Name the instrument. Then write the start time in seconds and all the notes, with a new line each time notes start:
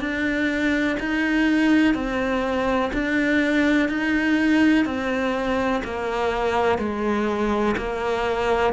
cello
0.00 D4
1.00 D#4
1.95 C4
2.93 D4
3.89 D#4
4.86 C4
5.84 A#3
6.79 G#3
7.77 A#3